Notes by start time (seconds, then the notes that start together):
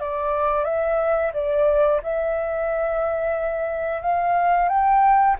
0.00 D5
0.64 E5
1.34 D5
2.03 E5
4.02 F5
4.69 G5